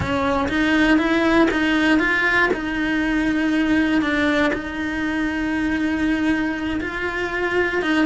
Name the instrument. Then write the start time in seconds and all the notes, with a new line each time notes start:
cello
0.00 C#4
0.48 D#4
0.97 E4
1.51 D#4
1.99 F4
2.53 D#4
4.01 D4
4.53 D#4
6.81 F4
7.82 D#4